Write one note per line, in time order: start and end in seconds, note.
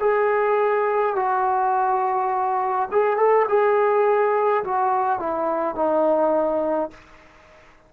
0.00 1.15 G#4
1.15 2.88 F#4
2.91 3.17 G#4
3.17 3.46 A4
3.48 4.63 G#4
4.64 5.19 F#4
5.19 5.75 E4
5.75 6.90 D#4